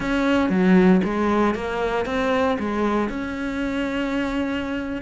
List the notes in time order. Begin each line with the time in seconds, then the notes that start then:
0.00 C#4
0.49 F#3
1.04 G#3
1.54 A#3
2.05 C4
2.59 G#3
3.09 C#4